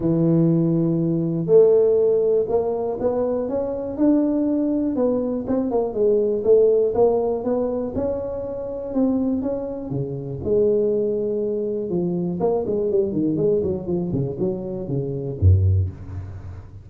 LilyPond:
\new Staff \with { instrumentName = "tuba" } { \time 4/4 \tempo 4 = 121 e2. a4~ | a4 ais4 b4 cis'4 | d'2 b4 c'8 ais8 | gis4 a4 ais4 b4 |
cis'2 c'4 cis'4 | cis4 gis2. | f4 ais8 gis8 g8 dis8 gis8 fis8 | f8 cis8 fis4 cis4 fis,4 | }